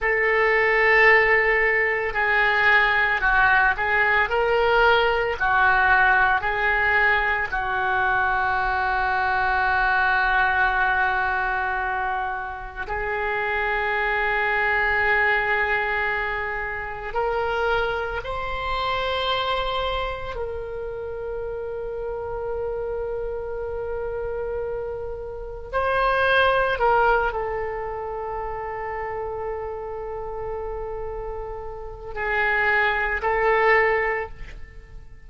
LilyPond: \new Staff \with { instrumentName = "oboe" } { \time 4/4 \tempo 4 = 56 a'2 gis'4 fis'8 gis'8 | ais'4 fis'4 gis'4 fis'4~ | fis'1 | gis'1 |
ais'4 c''2 ais'4~ | ais'1 | c''4 ais'8 a'2~ a'8~ | a'2 gis'4 a'4 | }